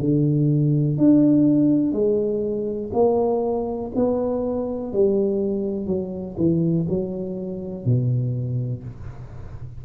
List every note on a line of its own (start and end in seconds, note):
0.00 0.98 D3
0.98 1.93 D4
1.93 2.91 G#3
2.94 3.92 A#3
3.96 4.93 B3
4.93 5.87 G3
5.87 6.36 F#3
6.38 6.87 E3
6.89 7.86 F#3
7.86 8.84 B2